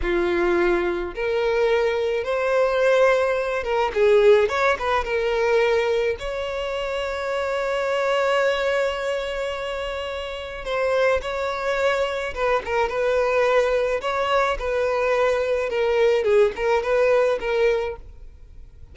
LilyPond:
\new Staff \with { instrumentName = "violin" } { \time 4/4 \tempo 4 = 107 f'2 ais'2 | c''2~ c''8 ais'8 gis'4 | cis''8 b'8 ais'2 cis''4~ | cis''1~ |
cis''2. c''4 | cis''2 b'8 ais'8 b'4~ | b'4 cis''4 b'2 | ais'4 gis'8 ais'8 b'4 ais'4 | }